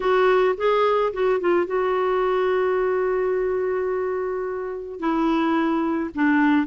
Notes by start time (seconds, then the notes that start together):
0.00 F#4
0.57 G#4
1.13 F#4
1.40 F4
1.66 F#4
4.99 E4
6.14 D4